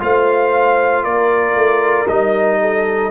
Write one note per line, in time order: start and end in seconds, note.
0.00 1.06 A3
0.00 2.07 F4
0.00 1.04 C5
0.00 1.04 F5
1.04 1.55 A#3
1.04 2.59 A#4
1.04 2.08 D5
1.55 2.07 A3
2.09 3.12 G3
2.09 3.12 D#4
2.09 3.12 D#5
2.61 3.12 A4